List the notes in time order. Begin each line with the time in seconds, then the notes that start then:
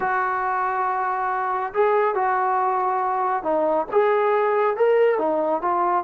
0.00 F#4
1.73 G#4
2.15 F#4
3.43 D#4
3.91 G#4
4.76 A#4
5.18 D#4
5.61 F4